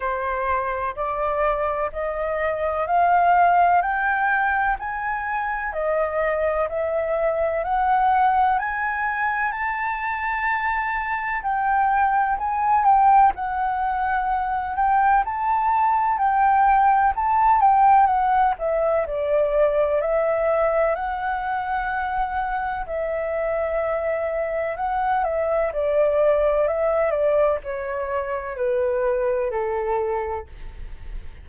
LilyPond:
\new Staff \with { instrumentName = "flute" } { \time 4/4 \tempo 4 = 63 c''4 d''4 dis''4 f''4 | g''4 gis''4 dis''4 e''4 | fis''4 gis''4 a''2 | g''4 gis''8 g''8 fis''4. g''8 |
a''4 g''4 a''8 g''8 fis''8 e''8 | d''4 e''4 fis''2 | e''2 fis''8 e''8 d''4 | e''8 d''8 cis''4 b'4 a'4 | }